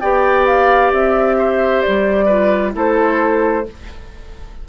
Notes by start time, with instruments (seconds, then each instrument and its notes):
0.00 bassoon B3, clarinet G4, oboe D5, flute G5
0.46 flute F5
0.92 bassoon C4, flute E5
1.38 oboe C5
1.82 flute D5
1.88 bassoon G3
2.25 clarinet F4, oboe B4
2.72 bassoon A3, clarinet E4, oboe A4, flute C5